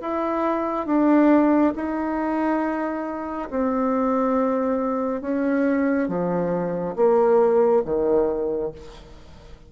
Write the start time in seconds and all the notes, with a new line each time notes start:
0.00 E4
0.86 D4
1.75 D#4
3.50 C4
5.21 C#4
6.08 F3
6.95 A#3
7.85 D#3